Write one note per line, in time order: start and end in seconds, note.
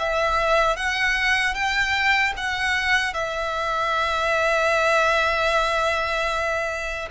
0.00 0.77 E5
0.77 1.55 F#5
1.55 2.34 G5
2.37 3.14 F#5
3.14 7.09 E5